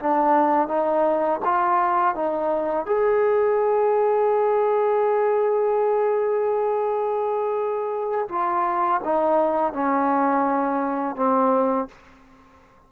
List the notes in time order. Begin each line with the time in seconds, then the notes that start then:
0.00 D4
0.68 D#4
1.45 F4
2.15 D#4
2.86 G#4
8.29 F4
9.05 D#4
9.74 C#4
11.17 C4